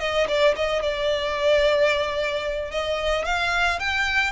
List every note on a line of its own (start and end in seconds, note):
0.00 0.27 D#5
0.28 0.55 D5
0.56 0.83 D#5
0.83 2.71 D5
2.71 3.25 D#5
3.26 3.80 F5
3.80 4.32 G5